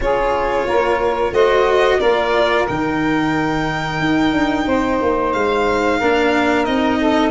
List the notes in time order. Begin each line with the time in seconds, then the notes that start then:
0.00 C#4 F4 G#4 C#5
0.67 A#3 A#4
1.32 A3 F#4 C5 D#5
1.99 A#3 F4 A#4 D5
2.67 D#3 D#4 G5
4.00 D#4
4.32 D4
4.66 C4 C5
5.01 A#3
5.32 G#3 F5
5.98 A#3 D4 A#4
6.65 C4 D#4 D#5
6.99 A4